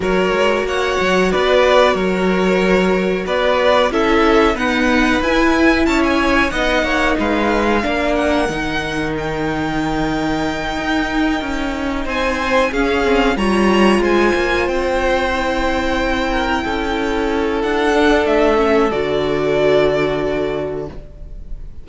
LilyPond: <<
  \new Staff \with { instrumentName = "violin" } { \time 4/4 \tempo 4 = 92 cis''4 fis''4 d''4 cis''4~ | cis''4 d''4 e''4 fis''4 | gis''4 a''16 gis''8. fis''4 f''4~ | f''8 fis''4. g''2~ |
g''2~ g''8 gis''4 f''8~ | f''8 ais''4 gis''4 g''4.~ | g''2. fis''4 | e''4 d''2. | }
  \new Staff \with { instrumentName = "violin" } { \time 4/4 ais'4 cis''4 b'4 ais'4~ | ais'4 b'4 a'4 b'4~ | b'4 cis''4 dis''8 cis''8 b'4 | ais'1~ |
ais'2~ ais'8 c''4 gis'8~ | gis'8 cis''4 c''2~ c''8~ | c''4 ais'8 a'2~ a'8~ | a'1 | }
  \new Staff \with { instrumentName = "viola" } { \time 4/4 fis'1~ | fis'2 e'4 b4 | e'2 dis'2 | d'4 dis'2.~ |
dis'2.~ dis'8 cis'8 | c'8 f'2. e'8~ | e'2.~ e'8 d'8~ | d'8 cis'8 fis'2. | }
  \new Staff \with { instrumentName = "cello" } { \time 4/4 fis8 gis8 ais8 fis8 b4 fis4~ | fis4 b4 cis'4 dis'4 | e'4 cis'4 b8 ais8 gis4 | ais4 dis2.~ |
dis8 dis'4 cis'4 c'4 cis'8~ | cis'8 g4 gis8 ais8 c'4.~ | c'4. cis'4. d'4 | a4 d2. | }
>>